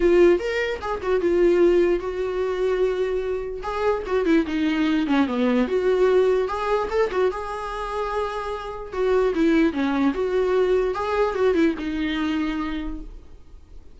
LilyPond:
\new Staff \with { instrumentName = "viola" } { \time 4/4 \tempo 4 = 148 f'4 ais'4 gis'8 fis'8 f'4~ | f'4 fis'2.~ | fis'4 gis'4 fis'8 e'8 dis'4~ | dis'8 cis'8 b4 fis'2 |
gis'4 a'8 fis'8 gis'2~ | gis'2 fis'4 e'4 | cis'4 fis'2 gis'4 | fis'8 e'8 dis'2. | }